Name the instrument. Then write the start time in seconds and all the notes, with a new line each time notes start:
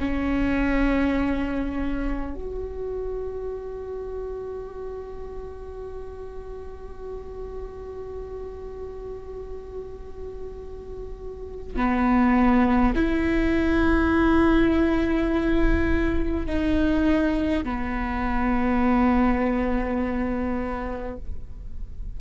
viola
0.00 C#4
2.35 F#4
11.76 B3
12.96 E4
16.47 D#4
17.65 B3